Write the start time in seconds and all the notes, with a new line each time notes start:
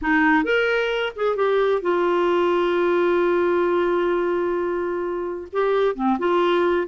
0.01 D#4
0.44 A#4
1.16 G#4
1.36 G4
1.81 F4
5.52 G4
5.95 C4
6.19 F4